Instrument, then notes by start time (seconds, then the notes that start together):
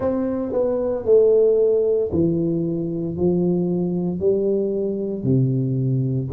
tuba
0.00 C4
0.52 B3
1.05 A3
2.11 E3
3.16 F3
4.19 G3
5.23 C3